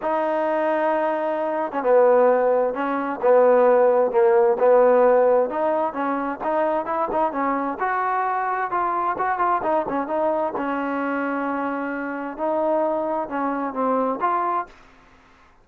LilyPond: \new Staff \with { instrumentName = "trombone" } { \time 4/4 \tempo 4 = 131 dis'2.~ dis'8. cis'16 | b2 cis'4 b4~ | b4 ais4 b2 | dis'4 cis'4 dis'4 e'8 dis'8 |
cis'4 fis'2 f'4 | fis'8 f'8 dis'8 cis'8 dis'4 cis'4~ | cis'2. dis'4~ | dis'4 cis'4 c'4 f'4 | }